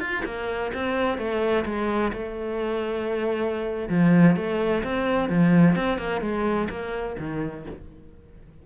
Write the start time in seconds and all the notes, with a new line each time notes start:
0.00 F4
0.25 A#3
0.74 C4
1.18 A3
1.65 G#3
2.13 A3
3.89 F3
4.36 A3
4.83 C4
5.29 F3
5.75 C4
5.98 A#3
6.21 G#3
6.69 A#3
7.19 D#3